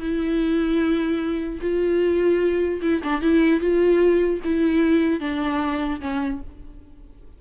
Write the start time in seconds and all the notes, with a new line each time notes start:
0.00 E4
1.61 F4
2.82 E4
3.03 D4
3.22 E4
3.60 F4
4.44 E4
5.21 D4
6.01 C#4